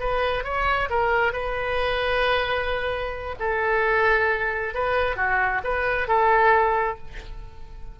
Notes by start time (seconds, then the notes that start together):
0.00 B4
0.44 C#5
0.90 A#4
1.33 B4
3.40 A4
4.75 B4
5.17 F#4
5.64 B4
6.08 A4